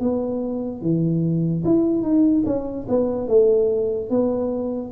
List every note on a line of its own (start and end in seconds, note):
0.00 0.81 B3
0.81 1.64 E3
1.65 2.02 E4
2.02 2.44 D#4
2.46 2.87 C#4
2.89 3.28 B3
3.28 4.10 A3
4.10 4.92 B3